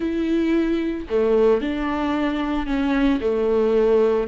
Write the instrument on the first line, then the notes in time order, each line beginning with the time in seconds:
viola
0.00 E4
1.09 A3
1.61 D4
2.66 C#4
3.20 A3